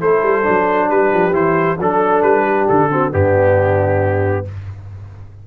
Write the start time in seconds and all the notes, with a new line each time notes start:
0.00 A3 E4 A4 C5
0.23 G3
0.42 F#3 D4
0.88 G3 G4 B4
1.13 F3
1.33 E3 E4 C5
1.78 F#3 D4 A4
2.22 G3 B4
2.45 G4
2.68 D3 A4
2.91 C4 F#4
3.11 G2 B3 D4 G4